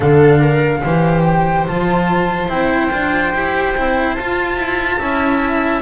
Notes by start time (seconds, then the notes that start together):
0.00 D3 D4 A4 F5
0.40 A#4
0.83 E3 G4 C5
1.23 G5
1.67 F3 F4 A5
2.48 C4 E4 G5
2.91 D4 F4
3.33 E4 G4
3.76 C4 E4
4.14 F4 A5
4.56 E4
4.99 C#4 E4 E5